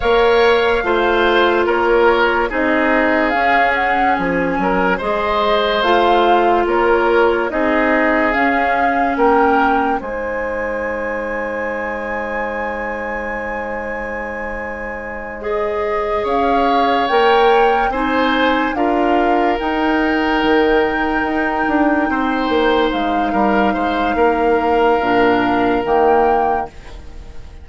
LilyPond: <<
  \new Staff \with { instrumentName = "flute" } { \time 4/4 \tempo 4 = 72 f''2 cis''4 dis''4 | f''8 fis''8 gis''4 dis''4 f''4 | cis''4 dis''4 f''4 g''4 | gis''1~ |
gis''2~ gis''8 dis''4 f''8~ | f''8 g''4 gis''4 f''4 g''8~ | g''2.~ g''8 f''8~ | f''2. g''4 | }
  \new Staff \with { instrumentName = "oboe" } { \time 4/4 cis''4 c''4 ais'4 gis'4~ | gis'4. ais'8 c''2 | ais'4 gis'2 ais'4 | c''1~ |
c''2.~ c''8 cis''8~ | cis''4. c''4 ais'4.~ | ais'2~ ais'8 c''4. | ais'8 c''8 ais'2. | }
  \new Staff \with { instrumentName = "clarinet" } { \time 4/4 ais'4 f'2 dis'4 | cis'2 gis'4 f'4~ | f'4 dis'4 cis'2 | dis'1~ |
dis'2~ dis'8 gis'4.~ | gis'8 ais'4 dis'4 f'4 dis'8~ | dis'1~ | dis'2 d'4 ais4 | }
  \new Staff \with { instrumentName = "bassoon" } { \time 4/4 ais4 a4 ais4 c'4 | cis'4 f8 fis8 gis4 a4 | ais4 c'4 cis'4 ais4 | gis1~ |
gis2.~ gis8 cis'8~ | cis'8 ais4 c'4 d'4 dis'8~ | dis'8 dis4 dis'8 d'8 c'8 ais8 gis8 | g8 gis8 ais4 ais,4 dis4 | }
>>